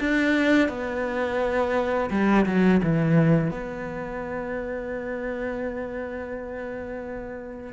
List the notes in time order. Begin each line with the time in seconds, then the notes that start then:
0.00 D4
0.69 B3
2.10 G3
2.46 F#3
2.84 E3
3.51 B3